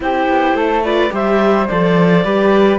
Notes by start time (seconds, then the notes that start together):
0.00 C4 E4 G4 C5
0.28 B3
0.53 A3 A4
0.84 F4 B4 D5
1.10 G3 G4 C5 E5
1.67 F3 A4 D5
2.23 G3 G4 B4